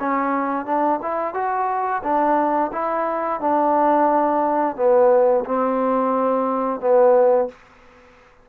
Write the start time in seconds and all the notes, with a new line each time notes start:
0.00 C#4
0.66 D4
1.03 E4
1.34 F#4
2.03 D4
2.73 E4
3.41 D4
4.76 B3
5.45 C4
6.81 B3